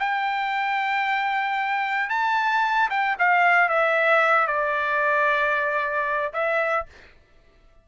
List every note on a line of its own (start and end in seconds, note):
0.00 2.10 G5
2.10 2.90 A5
2.91 3.17 G5
3.19 3.69 F5
3.69 4.47 E5
4.47 6.33 D5
6.33 6.86 E5